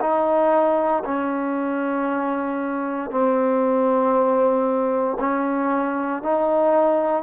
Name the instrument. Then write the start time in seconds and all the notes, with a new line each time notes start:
trombone
0.00 D#4
1.05 C#4
3.11 C4
5.20 C#4
6.23 D#4